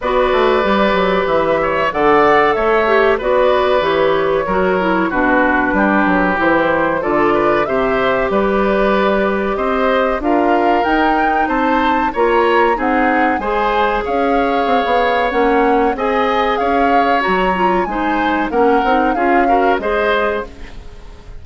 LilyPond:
<<
  \new Staff \with { instrumentName = "flute" } { \time 4/4 \tempo 4 = 94 d''2 e''4 fis''4 | e''4 d''4 cis''2 | b'2 c''4 d''4 | e''4 d''2 dis''4 |
f''4 g''4 a''4 ais''4 | fis''4 gis''4 f''2 | fis''4 gis''4 f''4 ais''4 | gis''4 fis''4 f''4 dis''4 | }
  \new Staff \with { instrumentName = "oboe" } { \time 4/4 b'2~ b'8 cis''8 d''4 | cis''4 b'2 ais'4 | fis'4 g'2 a'8 b'8 | c''4 b'2 c''4 |
ais'2 c''4 cis''4 | gis'4 c''4 cis''2~ | cis''4 dis''4 cis''2 | c''4 ais'4 gis'8 ais'8 c''4 | }
  \new Staff \with { instrumentName = "clarinet" } { \time 4/4 fis'4 g'2 a'4~ | a'8 g'8 fis'4 g'4 fis'8 e'8 | d'2 e'4 f'4 | g'1 |
f'4 dis'2 f'4 | dis'4 gis'2. | cis'4 gis'2 fis'8 f'8 | dis'4 cis'8 dis'8 f'8 fis'8 gis'4 | }
  \new Staff \with { instrumentName = "bassoon" } { \time 4/4 b8 a8 g8 fis8 e4 d4 | a4 b4 e4 fis4 | b,4 g8 fis8 e4 d4 | c4 g2 c'4 |
d'4 dis'4 c'4 ais4 | c'4 gis4 cis'4 c'16 b8. | ais4 c'4 cis'4 fis4 | gis4 ais8 c'8 cis'4 gis4 | }
>>